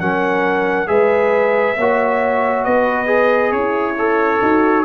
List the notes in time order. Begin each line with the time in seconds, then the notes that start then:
0.00 F#3 C#4 A#4 F#5
0.87 G#3 G#4 B4 E5
1.77 A#3 F#4 C#5
2.64 B3 B4 D#5
3.06 G#4
3.52 C#4 E4 C#5
3.98 A4
4.41 D#4 F#4